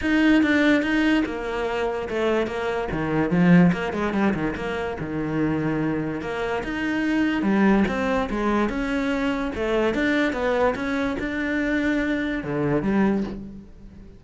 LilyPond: \new Staff \with { instrumentName = "cello" } { \time 4/4 \tempo 4 = 145 dis'4 d'4 dis'4 ais4~ | ais4 a4 ais4 dis4 | f4 ais8 gis8 g8 dis8 ais4 | dis2. ais4 |
dis'2 g4 c'4 | gis4 cis'2 a4 | d'4 b4 cis'4 d'4~ | d'2 d4 g4 | }